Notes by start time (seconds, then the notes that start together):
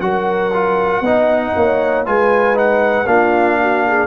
0.00 F#3 F#4 A#4 F#5
0.53 F4
1.01 B3 D#4 D#5
1.56 A#3 C#5
2.06 G#3 F4 B4 G#5
2.54 D#4 F#5
3.06 A#3 D4 F4 F5
3.61 F#4
3.86 G#4